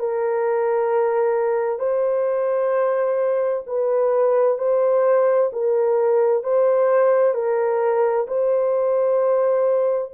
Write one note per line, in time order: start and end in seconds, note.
0.00 1.79 A#4
1.79 3.64 C5
3.67 4.59 B4
4.59 5.51 C5
5.53 6.44 A#4
6.44 7.35 C5
7.35 8.27 A#4
8.28 10.12 C5